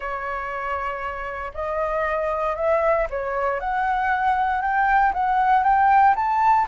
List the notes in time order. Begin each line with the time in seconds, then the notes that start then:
0.00 C#5
1.54 D#5
2.56 E5
3.10 C#5
3.59 F#5
4.61 G5
5.13 F#5
5.63 G5
6.15 A5